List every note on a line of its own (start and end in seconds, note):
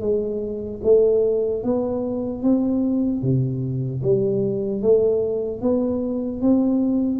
0.00 0.80 G#3
0.83 1.63 A3
1.63 2.43 B3
2.43 3.22 C4
3.22 4.02 C3
4.02 4.81 G3
4.81 5.61 A3
5.61 6.41 B3
6.41 7.20 C4